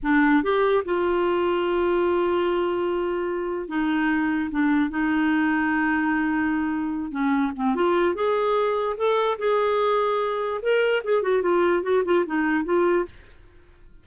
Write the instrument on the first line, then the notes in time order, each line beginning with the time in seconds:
clarinet
0.02 D4
0.43 G4
0.84 F4
3.68 D#4
4.50 D4
4.90 D#4
7.11 C#4
7.55 C4
7.75 F4
8.14 G#4
8.97 A4
9.38 G#4
10.62 A#4
11.04 G#4
11.22 F#4
11.41 F4
11.82 F#4
12.04 F4
12.26 D#4
12.64 F4